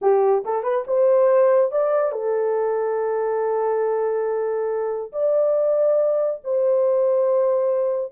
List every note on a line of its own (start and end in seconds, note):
0.01 0.44 G4
0.44 0.63 A4
0.63 0.84 B4
0.87 1.71 C5
1.71 2.11 D5
2.11 5.11 A4
5.12 6.41 D5
6.44 8.12 C5